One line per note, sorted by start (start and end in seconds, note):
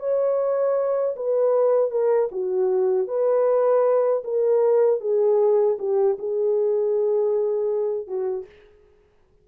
0.00 1.15 C#5
1.16 1.91 B4
1.91 2.29 A#4
2.32 3.08 F#4
3.08 4.23 B4
4.24 5.01 A#4
5.01 5.78 G#4
5.79 6.17 G4
6.19 8.08 G#4
8.08 8.46 F#4